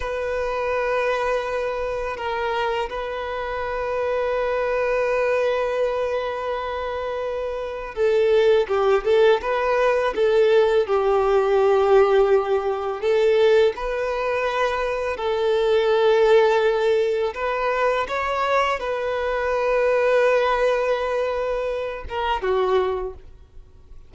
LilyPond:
\new Staff \with { instrumentName = "violin" } { \time 4/4 \tempo 4 = 83 b'2. ais'4 | b'1~ | b'2. a'4 | g'8 a'8 b'4 a'4 g'4~ |
g'2 a'4 b'4~ | b'4 a'2. | b'4 cis''4 b'2~ | b'2~ b'8 ais'8 fis'4 | }